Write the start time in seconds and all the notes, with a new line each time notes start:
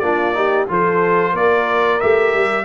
0.00 A#3 D4 F4 D5
0.34 D#4 G4
0.69 F3 F4 A4 C5
1.33 A#3 A#4 D5
2.01 A3 G4 E5
2.34 G3